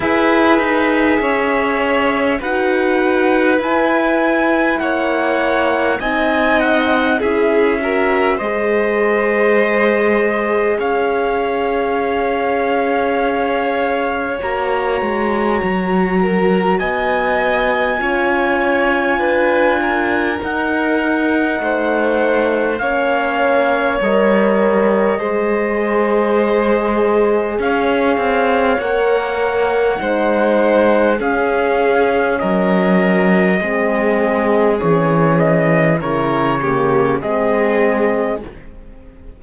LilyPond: <<
  \new Staff \with { instrumentName = "trumpet" } { \time 4/4 \tempo 4 = 50 e''2 fis''4 gis''4 | fis''4 gis''8 fis''8 e''4 dis''4~ | dis''4 f''2. | ais''2 gis''2~ |
gis''4 fis''2 f''4 | dis''2. f''4 | fis''2 f''4 dis''4~ | dis''4 cis''8 dis''8 cis''4 dis''4 | }
  \new Staff \with { instrumentName = "violin" } { \time 4/4 b'4 cis''4 b'2 | cis''4 dis''4 gis'8 ais'8 c''4~ | c''4 cis''2.~ | cis''4. ais'8 dis''4 cis''4 |
b'8 ais'4. c''4 cis''4~ | cis''4 c''2 cis''4~ | cis''4 c''4 gis'4 ais'4 | gis'2 ais'8 g'8 gis'4 | }
  \new Staff \with { instrumentName = "horn" } { \time 4/4 gis'2 fis'4 e'4~ | e'4 dis'4 e'8 fis'8 gis'4~ | gis'1 | fis'2. f'4~ |
f'4 dis'2 cis'4 | ais'4 gis'2. | ais'4 dis'4 cis'2 | c'4 cis'4 e'8 ais8 c'4 | }
  \new Staff \with { instrumentName = "cello" } { \time 4/4 e'8 dis'8 cis'4 dis'4 e'4 | ais4 c'4 cis'4 gis4~ | gis4 cis'2. | ais8 gis8 fis4 b4 cis'4 |
d'4 dis'4 a4 ais4 | g4 gis2 cis'8 c'8 | ais4 gis4 cis'4 fis4 | gis4 e4 cis4 gis4 | }
>>